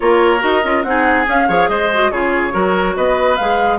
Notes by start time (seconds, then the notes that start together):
0.00 A#3 F4 A#4 C#5
0.39 D#4 F#4 D#5
0.63 C#4 F4
0.83 C4 D#4 G#4 F#5
1.25 C#4 F5
1.47 F3 G#4 C#5
1.68 G#3 C5 D#5
1.93 F#4
2.11 C#3 F4 G#4 C#5
2.51 F#3 F#4 A#4
2.96 B3 B4 D#5
3.36 G#3 G#4 F5